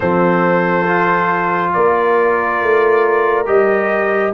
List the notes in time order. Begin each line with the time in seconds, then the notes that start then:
0.00 F3 C4 A4 C5
0.86 F4
1.73 A#3 A#4 D5
2.62 A3
3.45 G3 G4 D#5